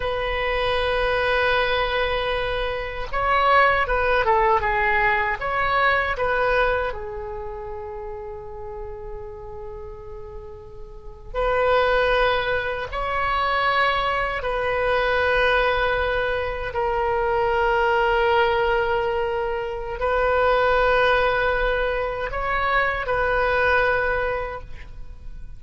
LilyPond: \new Staff \with { instrumentName = "oboe" } { \time 4/4 \tempo 4 = 78 b'1 | cis''4 b'8 a'8 gis'4 cis''4 | b'4 gis'2.~ | gis'2~ gis'8. b'4~ b'16~ |
b'8. cis''2 b'4~ b'16~ | b'4.~ b'16 ais'2~ ais'16~ | ais'2 b'2~ | b'4 cis''4 b'2 | }